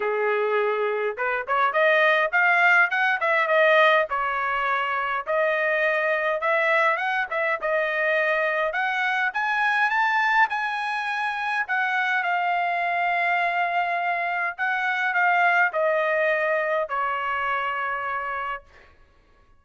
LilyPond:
\new Staff \with { instrumentName = "trumpet" } { \time 4/4 \tempo 4 = 103 gis'2 b'8 cis''8 dis''4 | f''4 fis''8 e''8 dis''4 cis''4~ | cis''4 dis''2 e''4 | fis''8 e''8 dis''2 fis''4 |
gis''4 a''4 gis''2 | fis''4 f''2.~ | f''4 fis''4 f''4 dis''4~ | dis''4 cis''2. | }